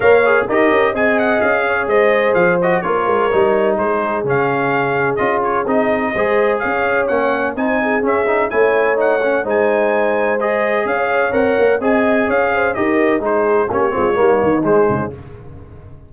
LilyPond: <<
  \new Staff \with { instrumentName = "trumpet" } { \time 4/4 \tempo 4 = 127 f''4 dis''4 gis''8 fis''8 f''4 | dis''4 f''8 dis''8 cis''2 | c''4 f''2 dis''8 cis''8 | dis''2 f''4 fis''4 |
gis''4 e''4 gis''4 fis''4 | gis''2 dis''4 f''4 | fis''4 gis''4 f''4 dis''4 | c''4 cis''2 c''4 | }
  \new Staff \with { instrumentName = "horn" } { \time 4/4 cis''4 ais'4 dis''4. cis''8 | c''2 ais'2 | gis'1~ | gis'4 c''4 cis''2 |
c''8 gis'4. cis''2 | c''2. cis''4~ | cis''4 dis''4 cis''8 c''8 ais'4 | gis'4 g'8 f'8 dis'2 | }
  \new Staff \with { instrumentName = "trombone" } { \time 4/4 ais'8 gis'8 g'4 gis'2~ | gis'4. fis'8 f'4 dis'4~ | dis'4 cis'2 f'4 | dis'4 gis'2 cis'4 |
dis'4 cis'8 dis'8 e'4 dis'8 cis'8 | dis'2 gis'2 | ais'4 gis'2 g'4 | dis'4 cis'8 c'8 ais4 gis4 | }
  \new Staff \with { instrumentName = "tuba" } { \time 4/4 ais4 dis'8 cis'8 c'4 cis'4 | gis4 f4 ais8 gis8 g4 | gis4 cis2 cis'4 | c'4 gis4 cis'4 ais4 |
c'4 cis'4 a2 | gis2. cis'4 | c'8 ais8 c'4 cis'4 dis'4 | gis4 ais8 gis8 g8 dis8 gis8 cis8 | }
>>